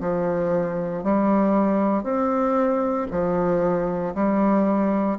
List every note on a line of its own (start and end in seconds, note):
0.00 1.03 F3
1.03 2.03 G3
2.03 3.07 C4
3.11 4.14 F3
4.15 5.18 G3